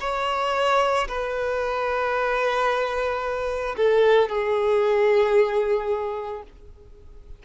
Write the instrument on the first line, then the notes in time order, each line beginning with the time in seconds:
violin
0.00 C#5
1.08 B4
3.77 A4
4.29 G#4